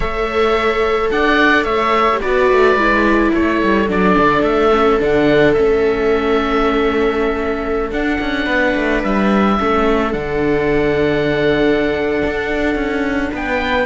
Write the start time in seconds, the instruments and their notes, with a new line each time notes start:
0.00 cello A3, viola A4 C#5, oboe E5
1.11 cello D4, viola D5, oboe F#5
1.64 cello A3, viola C#5, oboe E5
2.12 viola G4
2.20 cello B3, viola F#4 B4, oboe D5
2.52 cello A3
2.75 cello G#3, viola E4
3.33 cello A3, viola A4, oboe C#5
3.62 cello G3
3.87 cello F#3, viola D4, oboe D5
4.17 cello D3
4.42 cello A3, oboe E5
4.72 viola C#4
4.99 cello D3, viola D4, oboe F#5
5.53 cello A3, viola C#4, oboe E5
7.91 cello D4, viola D4, oboe F#5
8.20 cello C#4
8.45 cello B3, viola B4
8.75 cello A3
9.03 cello G3, oboe E5
9.59 cello A3, viola C#4 A4
10.11 cello D3, viola D4, oboe F#5
12.25 cello D4
12.75 cello C#4
13.31 cello B3, viola B4, oboe G5